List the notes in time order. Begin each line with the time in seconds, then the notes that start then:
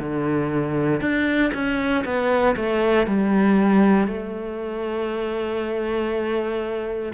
0.00 D3
1.01 D4
1.54 C#4
2.05 B3
2.57 A3
3.07 G3
4.08 A3